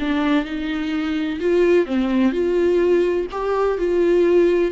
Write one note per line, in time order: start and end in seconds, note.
0.00 0.45 D4
0.45 1.40 D#4
1.41 1.86 F4
1.86 2.33 C4
2.33 3.27 F4
3.32 3.78 G4
3.78 4.72 F4